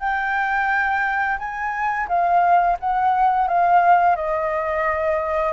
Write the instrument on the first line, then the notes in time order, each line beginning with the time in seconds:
flute
0.00 G5
1.39 G#5
2.08 F5
2.80 F#5
3.48 F5
4.16 D#5